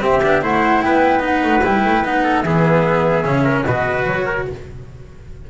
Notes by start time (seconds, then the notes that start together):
0.00 C4 G4 E5
0.23 B3 D4
0.41 A3 E4 C5 F#5
0.82 B3 B4 G5
1.19 D#4 F#5
1.43 A3
1.64 G3 E4 G5
1.84 A3
2.03 B3 D#4 F#5
2.23 A4
2.42 E3 B3 G#4 E5
3.24 C#3 C#4
3.43 A#4
3.63 B2 B4 D#5
3.69 F#4
4.05 F#3 C#5
4.25 A#4